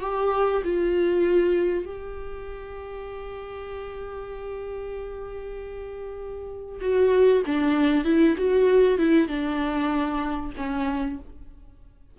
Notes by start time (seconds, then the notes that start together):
0.00 G4
0.64 F4
1.85 G4
6.81 F#4
7.46 D4
8.04 E4
8.37 F#4
8.98 E4
9.28 D4
10.57 C#4